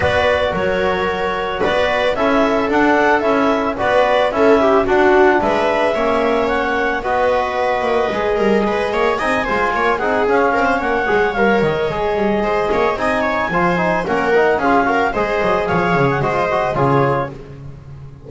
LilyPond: <<
  \new Staff \with { instrumentName = "clarinet" } { \time 4/4 \tempo 4 = 111 d''4 cis''2 d''4 | e''4 fis''4 e''4 d''4 | e''4 fis''4 e''2 | fis''4 dis''2.~ |
dis''4 gis''4. fis''8 f''4 | fis''4 f''8 dis''2~ dis''8 | gis''2 fis''4 f''4 | dis''4 f''8. fis''16 dis''4 cis''4 | }
  \new Staff \with { instrumentName = "viola" } { \time 4/4 b'4 ais'2 b'4 | a'2. b'4 | a'8 g'8 fis'4 b'4 cis''4~ | cis''4 b'2~ b'8 ais'8 |
b'8 cis''8 dis''8 c''8 cis''8 gis'4 ais'16 c''16 | cis''2. c''8 cis''8 | dis''8 cis''8 c''4 ais'4 gis'8 ais'8 | c''4 cis''4 c''4 gis'4 | }
  \new Staff \with { instrumentName = "trombone" } { \time 4/4 fis'1 | e'4 d'4 e'4 fis'4 | e'4 d'2 cis'4~ | cis'4 fis'2 gis'4~ |
gis'4 dis'8 f'4 dis'8 cis'4~ | cis'8 gis'8 ais'4 gis'2 | dis'4 f'8 dis'8 cis'8 dis'8 f'8 fis'8 | gis'2 fis'16 f'16 fis'8 f'4 | }
  \new Staff \with { instrumentName = "double bass" } { \time 4/4 b4 fis2 b4 | cis'4 d'4 cis'4 b4 | cis'4 d'4 gis4 ais4~ | ais4 b4. ais8 gis8 g8 |
gis8 ais8 c'8 gis8 ais8 c'8 cis'8 c'8 | ais8 gis8 g8 dis8 gis8 g8 gis8 ais8 | c'4 f4 ais4 cis'4 | gis8 fis8 f8 cis8 gis4 cis4 | }
>>